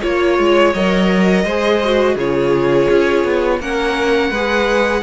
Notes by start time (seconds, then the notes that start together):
0.00 A#3 F4 C#5
0.38 G#3
0.74 F#3 A#4 D#5
1.44 G#3 G#4 C5
1.84 F#4
2.15 C#3 F4 G#4 C#5
2.89 C#4
3.24 B3
3.60 A#3 C#4 A#4 F#5
4.30 G#3 G#4 B4